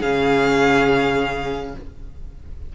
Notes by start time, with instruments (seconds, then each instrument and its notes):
0.00 cello C#3, viola C#4, violin G#4 F5